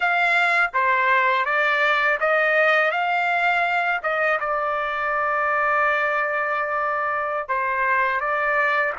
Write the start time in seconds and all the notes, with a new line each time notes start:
0.00 F5
0.73 C5
1.45 D5
2.20 D#5
2.91 F5
4.02 D#5
4.39 D5
7.48 C5
8.20 D5